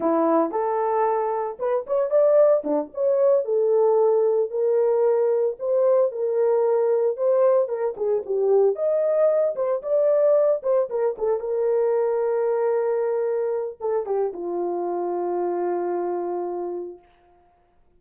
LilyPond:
\new Staff \with { instrumentName = "horn" } { \time 4/4 \tempo 4 = 113 e'4 a'2 b'8 cis''8 | d''4 d'8 cis''4 a'4.~ | a'8 ais'2 c''4 ais'8~ | ais'4. c''4 ais'8 gis'8 g'8~ |
g'8 dis''4. c''8 d''4. | c''8 ais'8 a'8 ais'2~ ais'8~ | ais'2 a'8 g'8 f'4~ | f'1 | }